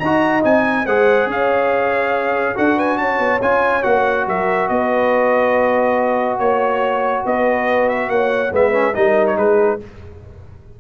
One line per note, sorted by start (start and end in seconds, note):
0.00 0.44 D#4
0.00 0.42 F#4
0.00 0.86 D#5
0.00 0.43 A#5
0.42 0.86 C4
0.42 0.85 D#4
0.42 0.86 G#5
0.86 1.27 G#3
0.86 2.55 G#4
0.86 1.28 C5
0.86 1.29 F#5
1.27 2.54 C#4
1.27 2.55 C#5
1.27 2.58 F5
2.55 2.99 D4
2.55 3.41 F#4
2.55 2.77 A4
2.55 2.79 F#5
2.77 2.98 B4
2.77 2.98 G#5
2.98 3.19 C#4
2.98 4.28 C#5
2.98 3.40 A5
3.19 3.40 B3
3.41 3.84 C#4
3.41 3.83 F4
3.41 3.83 G#5
3.83 4.27 A#3
3.83 8.51 F#4
3.83 4.26 F#5
4.27 4.69 F#3
4.27 4.70 A#4
4.27 4.69 E5
4.69 6.39 B3
4.69 6.39 B4
4.69 6.39 D#5
6.39 7.24 A#3
6.39 7.24 C#5
7.25 8.09 B3
7.25 8.10 B4
7.25 7.89 D#5
7.89 8.10 E5
8.09 8.51 A#3
8.09 8.53 C#5
8.09 8.52 F#5
8.52 8.95 G#3
8.52 8.73 B3
8.52 8.95 B4
8.52 8.95 E5
8.73 8.94 C#4
8.95 9.37 G3
8.95 9.80 D#4
8.95 9.37 A#4
8.95 9.27 D#5
9.27 9.38 C#5
9.37 9.80 G#3
9.37 9.80 G#4
9.37 9.80 B4